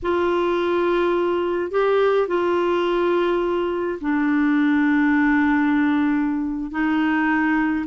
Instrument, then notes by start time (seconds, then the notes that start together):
clarinet
0.02 F4
1.71 G4
2.27 F4
4.01 D4
6.71 D#4